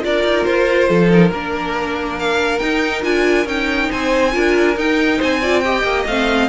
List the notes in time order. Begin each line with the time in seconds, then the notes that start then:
0.00 D4 F4 A#4 D5
0.24 D#4
0.45 F4 C5
0.88 F3 A4
1.09 D#4 A#4
1.31 A#3 D4 A#4
2.20 F5
2.59 D#4 G5
3.02 D4 F4 G#5
3.46 C#4 D#4 G5
3.90 C4 C5 G#5
4.32 D4 F4 A#4
4.77 D#4 G5
5.18 C4 C5 G#5
5.41 F4 D5
5.60 G4 D#5 G5
5.83 A#3
6.06 A3 C4 F5